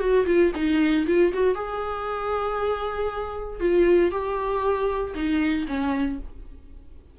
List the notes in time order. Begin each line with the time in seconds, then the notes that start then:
0.00 F#4
0.26 F4
0.55 D#4
1.07 F4
1.34 F#4
1.55 G#4
3.60 F4
4.11 G4
5.15 D#4
5.68 C#4